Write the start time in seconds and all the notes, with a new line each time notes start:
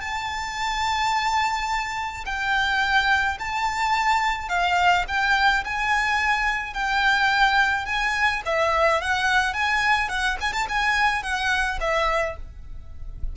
0.00 A5
2.26 G5
3.39 A5
4.49 F5
5.08 G5
5.64 G#5
6.74 G5
7.86 G#5
8.45 E5
9.01 F#5
9.53 G#5
10.09 F#5
10.40 G#5
10.53 A5
10.68 G#5
11.23 F#5
11.80 E5